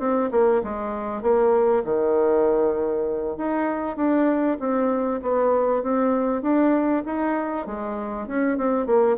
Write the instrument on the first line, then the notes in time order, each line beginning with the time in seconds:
bassoon
0.00 C4
0.31 A#3
0.64 G#3
1.22 A#3
1.85 D#3
3.38 D#4
3.97 D4
4.60 C4
5.23 B3
5.83 C4
6.42 D4
7.06 D#4
7.67 G#3
8.28 C#4
8.58 C4
8.87 A#3